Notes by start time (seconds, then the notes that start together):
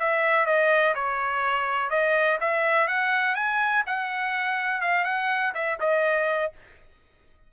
0.00 E5
0.47 D#5
0.95 C#5
1.90 D#5
2.41 E5
2.88 F#5
3.36 G#5
3.87 F#5
4.81 F5
5.05 F#5
5.55 E5
5.80 D#5